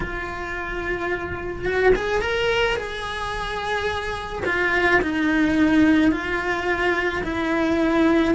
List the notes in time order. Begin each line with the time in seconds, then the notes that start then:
0.00 F4
1.65 F#4
1.95 G#4
2.21 A#4
2.76 G#4
4.45 F4
5.01 D#4
6.11 F4
7.23 E4